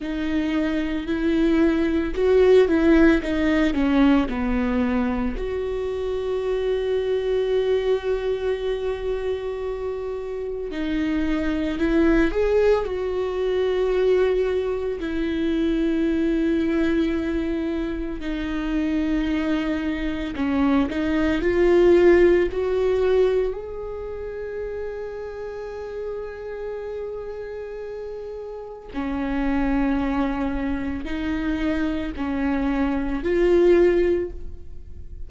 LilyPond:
\new Staff \with { instrumentName = "viola" } { \time 4/4 \tempo 4 = 56 dis'4 e'4 fis'8 e'8 dis'8 cis'8 | b4 fis'2.~ | fis'2 dis'4 e'8 gis'8 | fis'2 e'2~ |
e'4 dis'2 cis'8 dis'8 | f'4 fis'4 gis'2~ | gis'2. cis'4~ | cis'4 dis'4 cis'4 f'4 | }